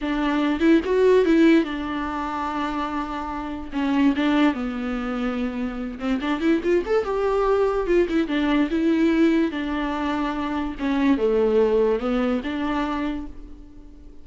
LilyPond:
\new Staff \with { instrumentName = "viola" } { \time 4/4 \tempo 4 = 145 d'4. e'8 fis'4 e'4 | d'1~ | d'4 cis'4 d'4 b4~ | b2~ b8 c'8 d'8 e'8 |
f'8 a'8 g'2 f'8 e'8 | d'4 e'2 d'4~ | d'2 cis'4 a4~ | a4 b4 d'2 | }